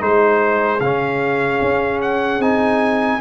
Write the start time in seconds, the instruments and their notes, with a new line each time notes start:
0.00 tuba G#3, trombone D#4, horn G#4, trumpet C5
0.81 tuba C#3, trombone C#4, trumpet F5
1.62 tuba C#4
2.02 trumpet F#5
2.40 tuba C4, trombone D#4, trumpet G#5